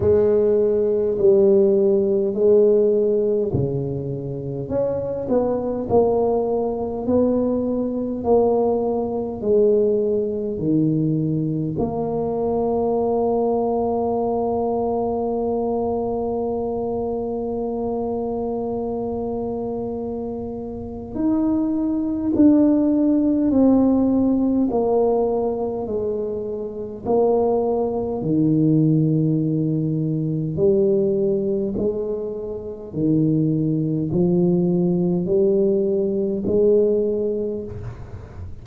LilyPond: \new Staff \with { instrumentName = "tuba" } { \time 4/4 \tempo 4 = 51 gis4 g4 gis4 cis4 | cis'8 b8 ais4 b4 ais4 | gis4 dis4 ais2~ | ais1~ |
ais2 dis'4 d'4 | c'4 ais4 gis4 ais4 | dis2 g4 gis4 | dis4 f4 g4 gis4 | }